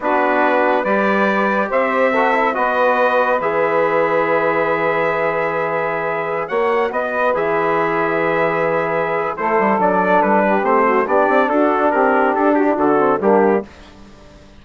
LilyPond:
<<
  \new Staff \with { instrumentName = "trumpet" } { \time 4/4 \tempo 4 = 141 b'2 d''2 | e''2 dis''2 | e''1~ | e''2.~ e''16 fis''8.~ |
fis''16 dis''4 e''2~ e''8.~ | e''2 c''4 d''4 | b'4 c''4 d''4 a'4 | ais'4 a'8 g'8 a'4 g'4 | }
  \new Staff \with { instrumentName = "saxophone" } { \time 4/4 fis'2 b'2 | c''4 a'4 b'2~ | b'1~ | b'2.~ b'16 cis''8.~ |
cis''16 b'2.~ b'8.~ | b'2 a'2~ | a'8 g'4 fis'8 g'4 fis'4 | g'4. fis'16 e'16 fis'4 d'4 | }
  \new Staff \with { instrumentName = "trombone" } { \time 4/4 d'2 g'2~ | g'4 fis'8 e'8 fis'2 | gis'1~ | gis'2.~ gis'16 fis'8.~ |
fis'4~ fis'16 gis'2~ gis'8.~ | gis'2 e'4 d'4~ | d'4 c'4 d'2~ | d'2~ d'8 c'8 ais4 | }
  \new Staff \with { instrumentName = "bassoon" } { \time 4/4 b2 g2 | c'2 b2 | e1~ | e2.~ e16 ais8.~ |
ais16 b4 e2~ e8.~ | e2 a8 g8 fis4 | g4 a4 b8 c'8 d'4 | c'4 d'4 d4 g4 | }
>>